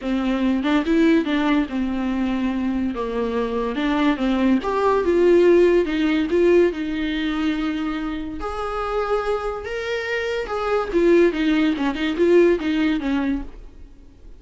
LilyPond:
\new Staff \with { instrumentName = "viola" } { \time 4/4 \tempo 4 = 143 c'4. d'8 e'4 d'4 | c'2. ais4~ | ais4 d'4 c'4 g'4 | f'2 dis'4 f'4 |
dis'1 | gis'2. ais'4~ | ais'4 gis'4 f'4 dis'4 | cis'8 dis'8 f'4 dis'4 cis'4 | }